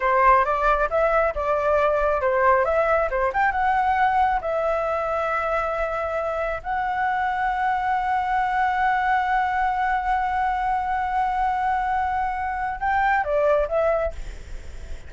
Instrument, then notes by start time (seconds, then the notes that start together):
flute
0.00 C5
0.44 D5
0.89 E5
1.34 D5
2.21 C5
2.65 E5
3.10 C5
3.33 G5
3.51 F#5
4.41 E5
6.63 F#5
12.79 G5
13.24 D5
13.68 E5